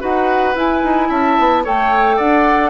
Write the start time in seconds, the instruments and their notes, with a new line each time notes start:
0.00 bassoon D#4, clarinet F#4, oboe B4, flute F#5
0.55 bassoon E4, clarinet E4, flute G#5
0.83 bassoon D#4
1.09 bassoon C#4, oboe E5, flute A5
1.38 bassoon B3
1.63 bassoon A3, clarinet A4, oboe C#5, flute G5
2.16 bassoon D4, oboe D5, flute F#5